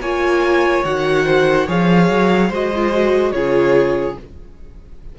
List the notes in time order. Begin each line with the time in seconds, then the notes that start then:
0.00 A#3 F4 C#5 G#5
0.84 D#3 F#4 F#5
1.25 C5
1.67 F3 G#4 C#5 F5
2.09 F#3
2.49 G#3 F#4 C5 D#5
2.75 F4
2.93 F#4
3.31 C#3 F4 G#4 C#5